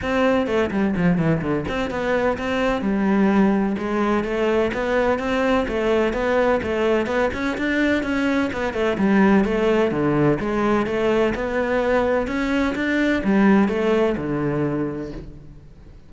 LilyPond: \new Staff \with { instrumentName = "cello" } { \time 4/4 \tempo 4 = 127 c'4 a8 g8 f8 e8 d8 c'8 | b4 c'4 g2 | gis4 a4 b4 c'4 | a4 b4 a4 b8 cis'8 |
d'4 cis'4 b8 a8 g4 | a4 d4 gis4 a4 | b2 cis'4 d'4 | g4 a4 d2 | }